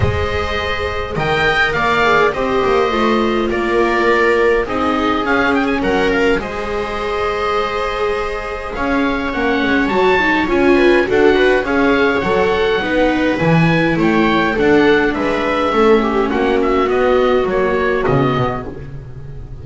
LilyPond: <<
  \new Staff \with { instrumentName = "oboe" } { \time 4/4 \tempo 4 = 103 dis''2 g''4 f''4 | dis''2 d''2 | dis''4 f''8 g''16 gis''16 fis''8 f''8 dis''4~ | dis''2. f''4 |
fis''4 a''4 gis''4 fis''4 | f''4 fis''2 gis''4 | g''4 fis''4 e''2 | fis''8 e''8 dis''4 cis''4 dis''4 | }
  \new Staff \with { instrumentName = "viola" } { \time 4/4 c''2 dis''4 d''4 | c''2 ais'2 | gis'2 ais'4 c''4~ | c''2. cis''4~ |
cis''2~ cis''8 b'8 a'8 b'8 | cis''2 b'2 | cis''4 a'4 b'4 a'8 g'8 | fis'1 | }
  \new Staff \with { instrumentName = "viola" } { \time 4/4 gis'2 ais'4. gis'8 | g'4 f'2. | dis'4 cis'2 gis'4~ | gis'1 |
cis'4 fis'8 dis'8 f'4 fis'4 | gis'4 a'4 dis'4 e'4~ | e'4 d'2 cis'4~ | cis'4 b4 ais4 b4 | }
  \new Staff \with { instrumentName = "double bass" } { \time 4/4 gis2 dis4 ais4 | c'8 ais8 a4 ais2 | c'4 cis'4 fis4 gis4~ | gis2. cis'4 |
ais8 gis8 fis4 cis'4 d'4 | cis'4 fis4 b4 e4 | a4 d'4 gis4 a4 | ais4 b4 fis4 cis8 b,8 | }
>>